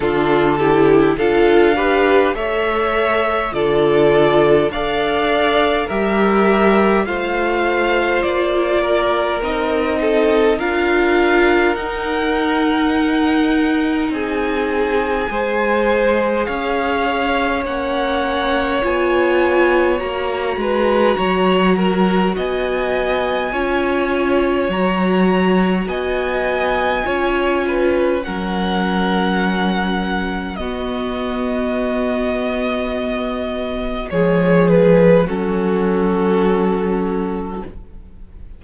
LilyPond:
<<
  \new Staff \with { instrumentName = "violin" } { \time 4/4 \tempo 4 = 51 a'4 f''4 e''4 d''4 | f''4 e''4 f''4 d''4 | dis''4 f''4 fis''2 | gis''2 f''4 fis''4 |
gis''4 ais''2 gis''4~ | gis''4 ais''4 gis''2 | fis''2 dis''2~ | dis''4 cis''8 b'8 a'2 | }
  \new Staff \with { instrumentName = "violin" } { \time 4/4 f'8 g'8 a'8 b'8 cis''4 a'4 | d''4 ais'4 c''4. ais'8~ | ais'8 a'8 ais'2. | gis'4 c''4 cis''2~ |
cis''4. b'8 cis''8 ais'8 dis''4 | cis''2 dis''4 cis''8 b'8 | ais'2 fis'2~ | fis'4 gis'4 fis'2 | }
  \new Staff \with { instrumentName = "viola" } { \time 4/4 d'8 e'8 f'8 g'8 a'4 f'4 | a'4 g'4 f'2 | dis'4 f'4 dis'2~ | dis'4 gis'2 cis'4 |
f'4 fis'2. | f'4 fis'2 f'4 | cis'2 b2~ | b4 gis4 cis'2 | }
  \new Staff \with { instrumentName = "cello" } { \time 4/4 d4 d'4 a4 d4 | d'4 g4 a4 ais4 | c'4 d'4 dis'2 | c'4 gis4 cis'4 ais4 |
b4 ais8 gis8 fis4 b4 | cis'4 fis4 b4 cis'4 | fis2 b2~ | b4 f4 fis2 | }
>>